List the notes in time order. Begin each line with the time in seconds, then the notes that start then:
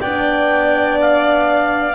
0.00 B3 D4 D5 G5
1.01 F5